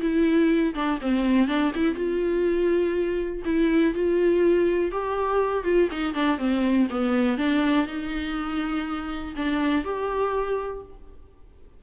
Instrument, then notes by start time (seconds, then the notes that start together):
viola
0.00 E4
0.74 D4
1.01 C4
1.47 D4
1.75 E4
1.94 F4
3.44 E4
3.94 F4
4.91 G4
5.64 F4
5.91 D#4
6.14 D4
6.38 C4
6.90 B3
7.37 D4
7.87 D#4
9.36 D4
9.84 G4